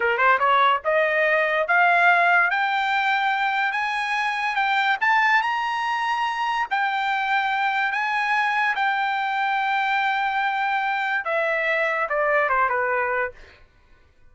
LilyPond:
\new Staff \with { instrumentName = "trumpet" } { \time 4/4 \tempo 4 = 144 ais'8 c''8 cis''4 dis''2 | f''2 g''2~ | g''4 gis''2 g''4 | a''4 ais''2. |
g''2. gis''4~ | gis''4 g''2.~ | g''2. e''4~ | e''4 d''4 c''8 b'4. | }